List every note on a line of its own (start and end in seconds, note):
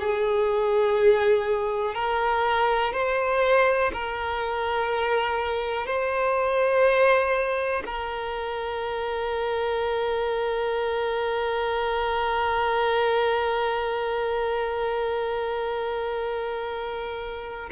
0.00 1.95 G#4
1.95 2.93 A#4
2.93 3.92 C5
3.93 5.87 A#4
5.87 7.83 C5
7.86 17.70 A#4